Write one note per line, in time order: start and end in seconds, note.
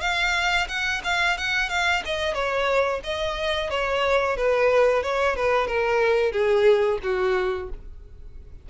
0.00 0.67 F5
0.68 1.01 F#5
1.04 1.37 F5
1.37 1.69 F#5
1.69 2.02 F5
2.05 2.34 D#5
2.34 3.00 C#5
3.03 3.70 D#5
3.70 4.36 C#5
4.36 5.02 B4
5.02 5.36 C#5
5.36 5.67 B4
5.67 6.32 A#4
6.32 6.98 G#4
7.02 7.69 F#4